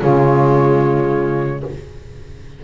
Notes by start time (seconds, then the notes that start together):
0.00 C#3 G#3 F4 C#5